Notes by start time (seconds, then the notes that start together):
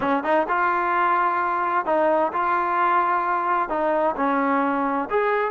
0.00 C#4
0.23 D#4
0.48 F4
1.85 D#4
2.32 F4
3.69 D#4
4.16 C#4
5.10 G#4